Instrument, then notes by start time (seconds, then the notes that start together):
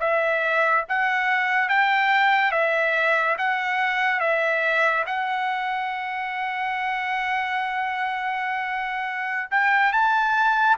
trumpet
0.00 E5
0.89 F#5
1.69 G5
2.52 E5
3.38 F#5
4.20 E5
5.06 F#5
9.51 G5
9.92 A5